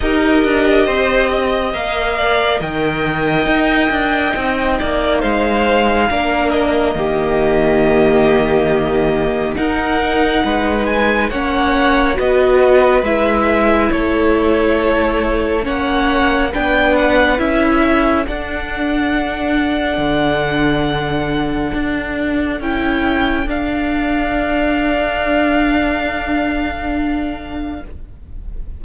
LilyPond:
<<
  \new Staff \with { instrumentName = "violin" } { \time 4/4 \tempo 4 = 69 dis''2 f''4 g''4~ | g''2 f''4. dis''8~ | dis''2. fis''4~ | fis''8 gis''8 fis''4 dis''4 e''4 |
cis''2 fis''4 g''8 fis''8 | e''4 fis''2.~ | fis''2 g''4 f''4~ | f''1 | }
  \new Staff \with { instrumentName = "violin" } { \time 4/4 ais'4 c''8 dis''4 d''8 dis''4~ | dis''4. d''8 c''4 ais'4 | g'2. ais'4 | b'4 cis''4 b'2 |
a'2 cis''4 b'4~ | b'8 a'2.~ a'8~ | a'1~ | a'1 | }
  \new Staff \with { instrumentName = "viola" } { \time 4/4 g'2 ais'2~ | ais'4 dis'2 d'4 | ais2. dis'4~ | dis'4 cis'4 fis'4 e'4~ |
e'2 cis'4 d'4 | e'4 d'2.~ | d'2 e'4 d'4~ | d'1 | }
  \new Staff \with { instrumentName = "cello" } { \time 4/4 dis'8 d'8 c'4 ais4 dis4 | dis'8 d'8 c'8 ais8 gis4 ais4 | dis2. dis'4 | gis4 ais4 b4 gis4 |
a2 ais4 b4 | cis'4 d'2 d4~ | d4 d'4 cis'4 d'4~ | d'1 | }
>>